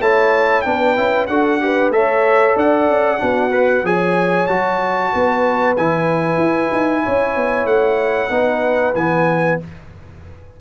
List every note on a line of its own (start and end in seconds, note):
0.00 0.64 A3
0.00 0.64 E4
0.00 0.65 C#5
0.00 0.62 A5
0.62 0.98 B3
0.62 0.96 D4
0.62 1.25 G5
0.68 1.29 B4
0.96 1.28 C#4
0.96 1.28 E4
1.27 1.90 D4
1.27 1.61 F#4
1.27 1.61 A4
1.27 1.91 F#5
1.61 1.93 G4
1.61 1.96 B4
1.90 2.54 A3
1.90 3.18 A4
1.90 2.57 C#5
1.90 2.56 E5
2.56 2.88 D4
2.56 3.20 D5
2.56 3.86 F#5
2.88 3.20 C#4
3.18 3.83 B3
3.18 3.50 D4
3.18 3.84 F#4
3.52 3.84 B4
3.83 4.47 F3
3.83 4.49 G#4
3.83 5.12 C#5
3.83 4.47 G#5
4.47 5.13 F#3
4.47 5.76 F#4
4.47 5.74 A5
5.12 5.77 B3
5.12 7.03 B4
5.77 6.38 E3
5.77 8.30 E4
5.77 7.66 G#5
6.38 6.70 E4
6.72 7.04 D#4
7.03 7.36 C#4
7.03 8.31 C#5
7.36 7.65 B3
7.65 8.29 A3
7.65 8.94 F#5
8.30 8.94 B3
8.30 8.94 D#4
8.30 9.59 B4
8.95 9.59 E3
8.95 9.60 B3
8.95 9.59 G#5